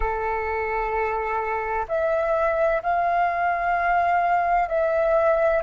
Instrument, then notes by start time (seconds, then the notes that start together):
flute
0.00 A4
1.88 E5
2.82 F5
4.69 E5